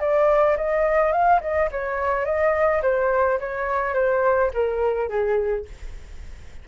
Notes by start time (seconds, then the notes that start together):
0.00 D5
0.57 D#5
1.12 F5
1.41 D#5
1.71 C#5
2.25 D#5
2.83 C5
3.40 C#5
3.94 C5
4.54 A#4
5.09 G#4